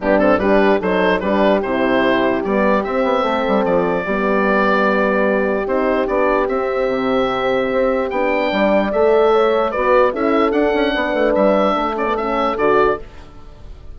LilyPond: <<
  \new Staff \with { instrumentName = "oboe" } { \time 4/4 \tempo 4 = 148 g'8 a'8 b'4 c''4 b'4 | c''2 d''4 e''4~ | e''4 d''2.~ | d''2 c''4 d''4 |
e''1 | g''2 e''2 | d''4 e''4 fis''2 | e''4. d''8 e''4 d''4 | }
  \new Staff \with { instrumentName = "horn" } { \time 4/4 d'4 g'4 a'4 g'4~ | g'1 | a'2 g'2~ | g'1~ |
g'1~ | g'4 d''2 cis''4 | b'4 a'2 b'4~ | b'4 a'2. | }
  \new Staff \with { instrumentName = "horn" } { \time 4/4 b8 c'8 d'4 dis'4 d'4 | e'2 b4 c'4~ | c'2 b2~ | b2 dis'4 d'4 |
c'1 | d'2 a'2 | fis'4 e'4 d'2~ | d'4. cis'16 b16 cis'4 fis'4 | }
  \new Staff \with { instrumentName = "bassoon" } { \time 4/4 g,4 g4 fis4 g4 | c2 g4 c'8 b8 | a8 g8 f4 g2~ | g2 c'4 b4 |
c'4 c2 c'4 | b4 g4 a2 | b4 cis'4 d'8 cis'8 b8 a8 | g4 a2 d4 | }
>>